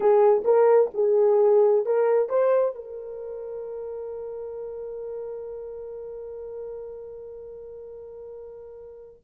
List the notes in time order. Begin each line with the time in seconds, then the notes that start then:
0.00 G#4
0.44 A#4
0.93 G#4
1.85 A#4
2.29 C5
2.75 A#4